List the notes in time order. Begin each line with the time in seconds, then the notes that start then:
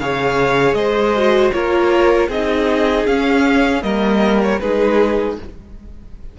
0.00 C#3 G#4 C#5 F5
0.74 G#3 C5 D#5
1.16 F#4
1.53 A#3 F4 A#4 C#5
2.29 C4 D#4 G#4 D#5
3.07 C#4 F5
3.83 G3 A#3 A#4 D#5
4.43 C#5
4.60 G#3 D#4 G#4 B4